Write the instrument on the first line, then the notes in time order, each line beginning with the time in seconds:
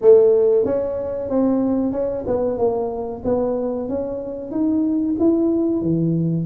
tuba
0.01 A3
0.65 C#4
1.29 C4
1.92 C#4
2.26 B3
2.58 A#3
3.24 B3
3.89 C#4
4.51 D#4
5.19 E4
5.81 E3